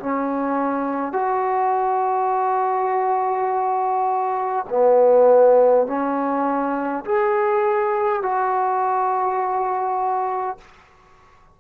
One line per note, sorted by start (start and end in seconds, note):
0.00 1.13 C#4
1.13 4.66 F#4
4.70 5.87 B3
5.87 7.04 C#4
7.05 8.22 G#4
8.22 10.58 F#4